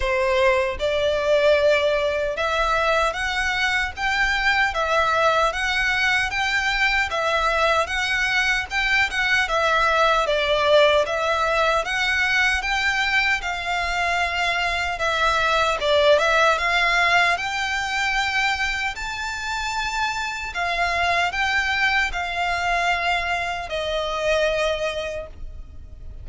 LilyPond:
\new Staff \with { instrumentName = "violin" } { \time 4/4 \tempo 4 = 76 c''4 d''2 e''4 | fis''4 g''4 e''4 fis''4 | g''4 e''4 fis''4 g''8 fis''8 | e''4 d''4 e''4 fis''4 |
g''4 f''2 e''4 | d''8 e''8 f''4 g''2 | a''2 f''4 g''4 | f''2 dis''2 | }